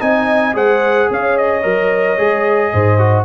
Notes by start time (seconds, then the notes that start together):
0.00 C4 D#4 D#5 G#5
0.54 G#3 G#4 C5 F#5
1.11 C#4 C#5 F5
1.37 D#5
1.63 F#3 A#4
2.18 G#3 G#4
2.73 G#2 C5
2.98 F#4